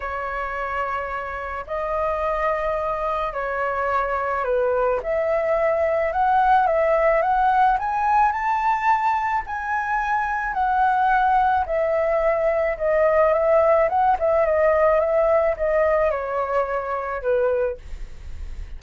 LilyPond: \new Staff \with { instrumentName = "flute" } { \time 4/4 \tempo 4 = 108 cis''2. dis''4~ | dis''2 cis''2 | b'4 e''2 fis''4 | e''4 fis''4 gis''4 a''4~ |
a''4 gis''2 fis''4~ | fis''4 e''2 dis''4 | e''4 fis''8 e''8 dis''4 e''4 | dis''4 cis''2 b'4 | }